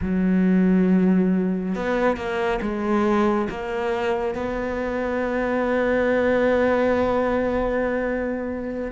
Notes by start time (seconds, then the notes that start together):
0.01 F#3
1.75 B3
2.16 A#3
2.61 G#3
3.49 A#3
4.34 B3